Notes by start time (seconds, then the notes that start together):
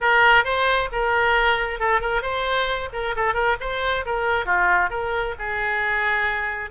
0.00 A#4
0.44 C5
0.91 A#4
1.79 A4
2.00 A#4
2.22 C5
2.92 A#4
3.16 A4
3.34 A#4
3.60 C5
4.05 A#4
4.45 F4
4.89 A#4
5.38 G#4